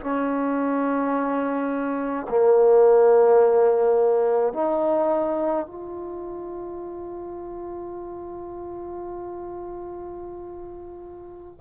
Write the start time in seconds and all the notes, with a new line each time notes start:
0.00 C#4
2.29 A#3
4.53 D#4
5.66 F4